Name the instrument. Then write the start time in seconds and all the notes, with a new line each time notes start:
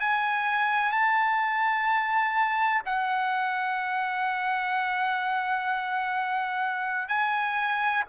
trumpet
0.00 G#5
0.92 A5
2.86 F#5
7.08 G#5